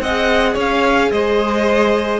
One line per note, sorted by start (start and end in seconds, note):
0.00 0.55 C4
0.00 0.54 D#5
0.00 0.56 F#5
0.07 2.20 G#4
0.54 1.11 C#4
0.54 1.09 C#5
0.54 1.12 F5
1.12 2.20 G#3
1.12 2.20 C5
1.12 2.20 D#5